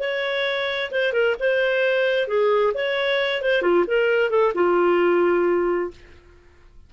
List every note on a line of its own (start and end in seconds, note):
0.00 0.91 C#5
0.92 1.13 C5
1.13 1.36 A#4
1.40 2.28 C5
2.28 2.74 G#4
2.74 3.42 C#5
3.43 3.63 C5
3.63 3.85 F4
3.88 4.30 A#4
4.30 4.53 A4
4.55 5.91 F4